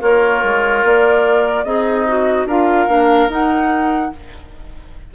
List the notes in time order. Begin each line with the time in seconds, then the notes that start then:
0.00 A#3 F4 A#4 C#5
0.43 G#3
0.83 A#3 D5
1.64 C4 D#4 G#4 D#5
2.07 F#4
2.45 D4 F4 A#4 F5
2.87 A#3 D4
3.28 D#4 F#5